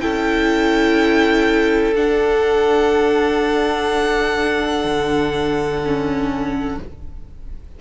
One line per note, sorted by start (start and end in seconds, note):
0.00 1.95 C#4
0.00 1.95 E4
0.00 6.79 A4
0.00 1.94 G5
1.95 4.84 D4
1.95 5.82 D4
1.95 6.79 F#5
4.84 6.78 D3
5.84 6.80 C#4